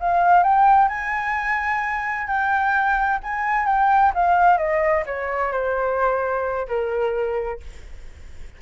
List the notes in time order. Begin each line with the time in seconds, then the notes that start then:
0.00 F5
0.43 G5
0.89 G#5
2.27 G5
3.23 G#5
3.66 G5
4.14 F5
4.58 D#5
5.06 C#5
5.52 C5
6.68 A#4